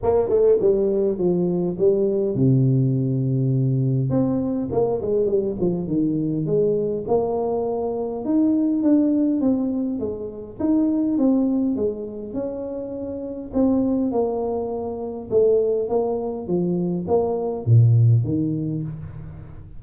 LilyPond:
\new Staff \with { instrumentName = "tuba" } { \time 4/4 \tempo 4 = 102 ais8 a8 g4 f4 g4 | c2. c'4 | ais8 gis8 g8 f8 dis4 gis4 | ais2 dis'4 d'4 |
c'4 gis4 dis'4 c'4 | gis4 cis'2 c'4 | ais2 a4 ais4 | f4 ais4 ais,4 dis4 | }